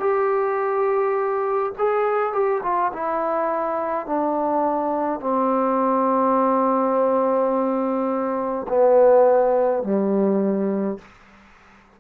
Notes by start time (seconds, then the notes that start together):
0.00 G4
1.79 G#4
2.33 G4
2.63 F4
2.94 E4
4.07 D4
5.21 C4
8.69 B3
9.83 G3